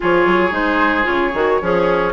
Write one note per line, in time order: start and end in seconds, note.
0.00 0.26 F3
0.00 0.51 F4
0.00 1.61 G#4
0.00 0.54 C#5
0.26 0.51 F#3
0.51 1.05 G#3
0.51 1.03 D#4
0.51 1.06 C5
1.03 1.33 C#3
1.03 1.30 F4
1.03 2.13 C#5
1.34 1.60 D#3
1.34 1.60 F#4
1.61 2.13 F3
1.61 2.13 C#4
1.61 2.13 G#4